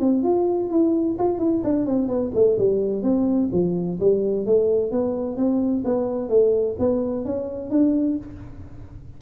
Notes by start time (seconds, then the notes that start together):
0.00 C4
0.23 F4
0.70 E4
1.18 F4
1.39 E4
1.64 D4
1.86 C4
2.08 B3
2.35 A3
2.58 G3
3.03 C4
3.52 F3
4.00 G3
4.46 A3
4.91 B3
5.37 C4
5.84 B3
6.29 A3
6.79 B3
7.25 C#4
7.70 D4